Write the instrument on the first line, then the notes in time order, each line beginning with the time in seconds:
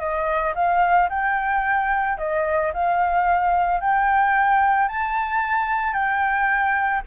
flute
0.00 D#5
0.56 F5
1.10 G5
2.18 D#5
2.74 F5
3.81 G5
4.89 A5
5.94 G5